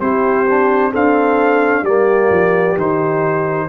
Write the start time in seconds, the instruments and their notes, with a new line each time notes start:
0.00 tuba C4, trombone E4, horn G4, trumpet C5
0.49 trombone D4
0.90 trombone C4, tuba D4, horn A4, trumpet F5
1.82 tuba G3, trombone A#3, horn G4, trumpet D5
2.30 tuba F3
2.77 tuba D#3, trombone D#4, trumpet C5